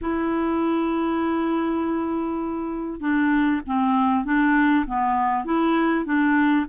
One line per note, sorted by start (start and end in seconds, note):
0.01 3.00 E4
3.00 3.61 D4
3.66 4.24 C4
4.24 4.85 D4
4.87 5.45 B3
5.45 6.05 E4
6.05 6.65 D4